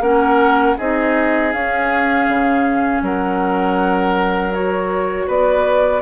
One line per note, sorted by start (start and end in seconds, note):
0.00 0.75 A#3
0.00 0.77 C#4
0.00 0.77 A#4
0.00 0.77 F#5
0.77 1.53 C4
0.77 1.54 D#4
0.77 3.02 G#4
0.77 1.52 D#5
1.52 2.28 C#4
1.52 4.52 C#4
1.52 3.02 F5
2.28 3.01 C#3
3.01 5.26 F#3
3.01 5.27 A#4
3.01 4.53 F#5
4.52 6.02 F#4
4.52 5.28 C#5
5.27 6.02 B3
5.27 6.02 B4
5.27 6.02 D5